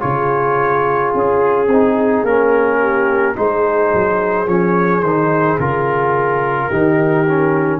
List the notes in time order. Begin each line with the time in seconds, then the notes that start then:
0.00 C#3 F4 G#4 C#5
1.14 C#4 G#4
1.68 C4 D#4
2.23 A#3 C#4 A#4
2.80 G4
3.36 G#3 D#4 G#4 C5
3.94 F#3
4.47 F3 C#4 C#5
5.01 D#3 D#4 C5
5.59 C#3 F4 A#4
6.68 D#3 D#4 G4
7.28 C#4